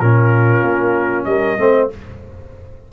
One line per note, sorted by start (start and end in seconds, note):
0.00 0.62 A#2
0.00 1.58 C#4
0.00 1.28 F4
0.00 1.25 A#4
0.62 1.26 A#3
1.25 1.58 G3
1.25 1.60 A#4
1.25 1.88 D#5
1.58 1.91 A3
1.58 1.90 C4
1.58 1.92 C5